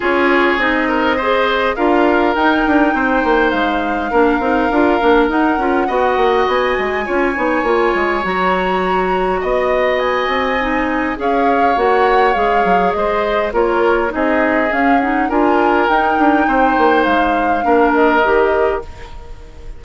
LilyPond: <<
  \new Staff \with { instrumentName = "flute" } { \time 4/4 \tempo 4 = 102 cis''4 dis''2 f''4 | g''2 f''2~ | f''4 fis''2 gis''4~ | gis''2 ais''2 |
dis''4 gis''2 f''4 | fis''4 f''4 dis''4 cis''4 | dis''4 f''8 fis''8 gis''4 g''4~ | g''4 f''4. dis''4. | }
  \new Staff \with { instrumentName = "oboe" } { \time 4/4 gis'4. ais'8 c''4 ais'4~ | ais'4 c''2 ais'4~ | ais'2 dis''2 | cis''1 |
dis''2. cis''4~ | cis''2 c''4 ais'4 | gis'2 ais'2 | c''2 ais'2 | }
  \new Staff \with { instrumentName = "clarinet" } { \time 4/4 f'4 dis'4 gis'4 f'4 | dis'2. d'8 dis'8 | f'8 d'8 dis'8 f'8 fis'2 | f'8 dis'8 f'4 fis'2~ |
fis'2 dis'4 gis'4 | fis'4 gis'2 f'4 | dis'4 cis'8 dis'8 f'4 dis'4~ | dis'2 d'4 g'4 | }
  \new Staff \with { instrumentName = "bassoon" } { \time 4/4 cis'4 c'2 d'4 | dis'8 d'8 c'8 ais8 gis4 ais8 c'8 | d'8 ais8 dis'8 cis'8 b8 ais8 b8 gis8 | cis'8 b8 ais8 gis8 fis2 |
b4. c'4. cis'4 | ais4 gis8 fis8 gis4 ais4 | c'4 cis'4 d'4 dis'8 d'8 | c'8 ais8 gis4 ais4 dis4 | }
>>